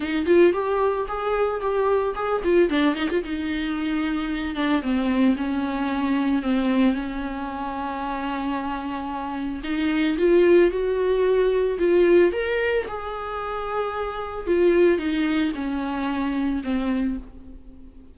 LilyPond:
\new Staff \with { instrumentName = "viola" } { \time 4/4 \tempo 4 = 112 dis'8 f'8 g'4 gis'4 g'4 | gis'8 f'8 d'8 dis'16 f'16 dis'2~ | dis'8 d'8 c'4 cis'2 | c'4 cis'2.~ |
cis'2 dis'4 f'4 | fis'2 f'4 ais'4 | gis'2. f'4 | dis'4 cis'2 c'4 | }